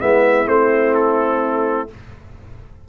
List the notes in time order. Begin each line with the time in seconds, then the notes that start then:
0.00 G#3 B3 E4 E5
0.46 A3 C4 C5
0.94 A4